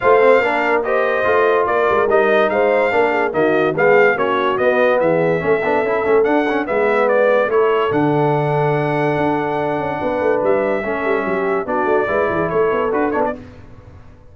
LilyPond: <<
  \new Staff \with { instrumentName = "trumpet" } { \time 4/4 \tempo 4 = 144 f''2 dis''2 | d''4 dis''4 f''2 | dis''4 f''4 cis''4 dis''4 | e''2. fis''4 |
e''4 d''4 cis''4 fis''4~ | fis''1~ | fis''4 e''2. | d''2 cis''4 b'8 cis''16 d''16 | }
  \new Staff \with { instrumentName = "horn" } { \time 4/4 c''4 ais'4 c''2 | ais'2 c''4 ais'8 gis'8 | fis'4 gis'4 fis'2 | gis'4 a'2. |
b'2 a'2~ | a'1 | b'2 a'4 g'4 | fis'4 b'8 gis'8 a'2 | }
  \new Staff \with { instrumentName = "trombone" } { \time 4/4 f'8 c'8 d'4 g'4 f'4~ | f'4 dis'2 d'4 | ais4 b4 cis'4 b4~ | b4 cis'8 d'8 e'8 cis'8 d'8 cis'8 |
b2 e'4 d'4~ | d'1~ | d'2 cis'2 | d'4 e'2 fis'8 d'8 | }
  \new Staff \with { instrumentName = "tuba" } { \time 4/4 a4 ais2 a4 | ais8 gis8 g4 gis4 ais4 | dis4 gis4 ais4 b4 | e4 a8 b8 cis'8 a8 d'4 |
gis2 a4 d4~ | d2 d'4. cis'8 | b8 a8 g4 a8 g8 fis4 | b8 a8 gis8 e8 a8 b8 d'8 b8 | }
>>